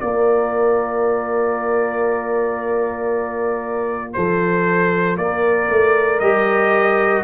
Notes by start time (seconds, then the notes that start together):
0.00 A#3 F4 A#4 D5
4.13 F3 A4 C5
5.16 A#3 A#4 D5
5.69 A3
6.19 G3 G4 D#5